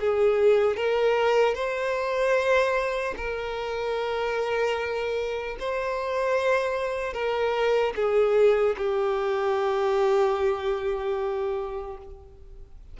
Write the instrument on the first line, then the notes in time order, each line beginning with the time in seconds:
violin
0.00 G#4
0.77 A#4
1.55 C5
3.17 A#4
5.59 C5
7.13 A#4
7.96 G#4
8.77 G4